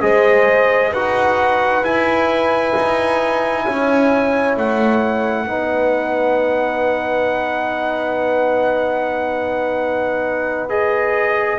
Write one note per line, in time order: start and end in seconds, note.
0.00 0.93 G#3
0.00 0.91 G#4
0.00 0.91 C5
0.00 0.93 D#5
0.91 1.83 D#4
0.91 1.84 F#4
0.91 3.63 B4
0.91 1.84 F#5
1.83 2.73 E4
1.83 5.47 E4
1.83 4.57 G#5
2.76 3.66 D#4
3.64 4.56 C#4
3.64 5.46 C#5
4.56 5.46 A3
4.56 10.69 F#5
5.46 11.59 B3
5.46 10.69 D#4
5.46 11.59 B4
10.69 11.59 G#4
10.69 11.59 D#5